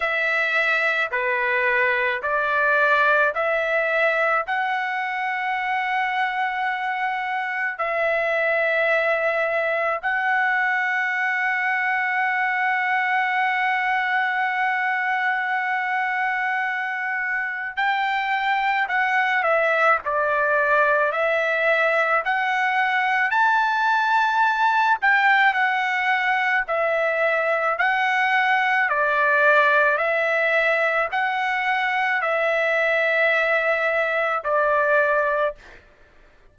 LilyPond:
\new Staff \with { instrumentName = "trumpet" } { \time 4/4 \tempo 4 = 54 e''4 b'4 d''4 e''4 | fis''2. e''4~ | e''4 fis''2.~ | fis''1 |
g''4 fis''8 e''8 d''4 e''4 | fis''4 a''4. g''8 fis''4 | e''4 fis''4 d''4 e''4 | fis''4 e''2 d''4 | }